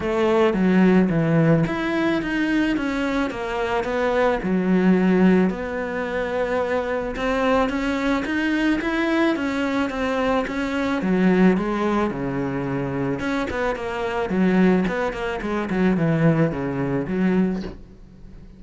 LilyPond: \new Staff \with { instrumentName = "cello" } { \time 4/4 \tempo 4 = 109 a4 fis4 e4 e'4 | dis'4 cis'4 ais4 b4 | fis2 b2~ | b4 c'4 cis'4 dis'4 |
e'4 cis'4 c'4 cis'4 | fis4 gis4 cis2 | cis'8 b8 ais4 fis4 b8 ais8 | gis8 fis8 e4 cis4 fis4 | }